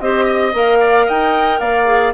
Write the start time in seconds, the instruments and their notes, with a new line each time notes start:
0.00 bassoon C4, clarinet G4, oboe C5, flute D#5
0.25 oboe D#5
0.53 bassoon A#3, clarinet A#4, flute F5
0.80 oboe D5
1.06 bassoon D#4, oboe D#5, flute G5
1.59 bassoon A#3, oboe D5, flute F5
1.85 clarinet G#4